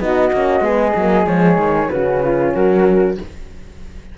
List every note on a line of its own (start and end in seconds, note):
0.00 0.32 B3
0.00 0.32 D#4
0.00 0.65 F#4
0.00 1.27 D#5
0.33 0.61 A#3
0.33 0.62 C#4
0.61 0.92 G#3
0.61 0.94 B3
0.61 1.91 G#4
0.96 1.27 F#3
0.96 1.25 A#3
1.25 1.58 F3
1.25 1.88 G#3
1.25 1.90 C#5
1.58 1.90 D#3
1.90 2.55 C#3
1.90 3.17 C#4
1.90 2.23 F#4
1.90 2.53 B4
2.24 2.55 F4
2.55 3.18 F#3
2.55 3.18 F#4
2.55 3.18 A#4